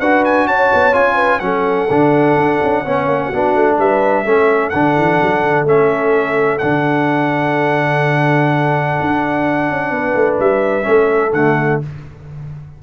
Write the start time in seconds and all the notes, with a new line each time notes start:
0.00 D4 F#4 B4 F#5
0.25 G#5
0.47 C#4 C#5 A5
0.74 B3
0.93 C#4 F4 G#5
1.15 B4
1.40 F#3 C#4 A4 F#5
1.90 D3 D4
2.37 D4
2.63 C#4
2.84 B3 C#4 C#5
3.07 A#3
3.27 F#4
3.33 B3 D4
3.55 A3
3.78 G3 B4 E5
4.25 A3 C#4 A4
4.70 D3 D4 F#5
4.97 E3
5.22 F#3
5.43 D3
5.64 A3 C#4 E5
6.59 D3 D4 F#5
9.01 D4
9.70 C#4
9.91 B3 B4
10.15 A3
10.40 G3 E5
10.83 A3 C#4 A4
11.33 D3 A3 F#5